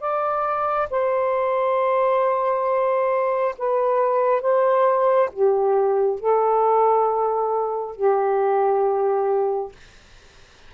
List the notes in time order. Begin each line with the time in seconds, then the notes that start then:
0.00 D5
0.90 C5
3.58 B4
4.42 C5
5.33 G4
6.20 A4
7.96 G4